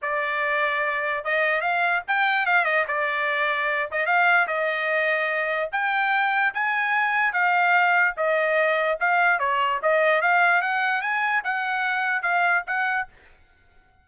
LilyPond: \new Staff \with { instrumentName = "trumpet" } { \time 4/4 \tempo 4 = 147 d''2. dis''4 | f''4 g''4 f''8 dis''8 d''4~ | d''4. dis''8 f''4 dis''4~ | dis''2 g''2 |
gis''2 f''2 | dis''2 f''4 cis''4 | dis''4 f''4 fis''4 gis''4 | fis''2 f''4 fis''4 | }